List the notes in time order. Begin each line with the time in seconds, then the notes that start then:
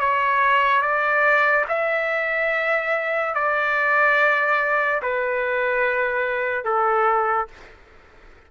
0.00 C#5
0.82 D5
1.69 E5
3.35 D5
5.03 B4
6.65 A4